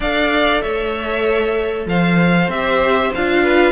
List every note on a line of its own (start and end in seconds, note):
0.00 0.62 D4
0.00 2.51 A4
0.00 0.61 D5
0.00 0.61 F5
0.61 1.85 A3
0.61 1.86 C#5
0.61 1.86 E5
1.85 2.48 F3
1.85 3.43 C5
1.85 2.50 F5
2.48 3.10 C4
2.48 3.14 G4
2.48 3.12 E5
3.14 3.72 D4
3.14 3.72 F4
3.14 3.72 F5
3.43 3.72 B4